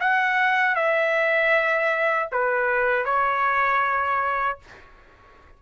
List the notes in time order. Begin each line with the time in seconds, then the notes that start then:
0.00 F#5
0.75 E5
2.31 B4
3.05 C#5